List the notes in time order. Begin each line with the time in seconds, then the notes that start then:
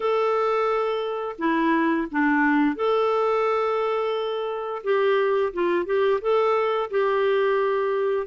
0.00 A4
1.38 E4
2.11 D4
2.75 A4
4.83 G4
5.53 F4
5.85 G4
6.21 A4
6.90 G4